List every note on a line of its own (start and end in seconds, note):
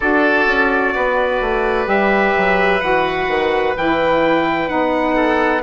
0.00 0.46 D4
0.00 1.85 F#4
0.00 0.94 A4
0.00 1.88 D5
0.46 0.93 C#4
0.95 1.40 B3
0.95 5.15 B4
1.40 1.87 A3
1.85 2.33 G3
1.85 2.79 G4
1.85 2.80 E5
2.36 2.81 F#3
2.80 3.27 E3
2.80 3.74 F#4
2.80 3.74 F#5
3.27 3.74 D#3
3.76 4.70 E3
3.76 4.68 E4
3.76 4.68 G5
4.68 5.62 B3
4.68 5.61 D#4
4.68 5.62 F#5
5.15 5.62 A4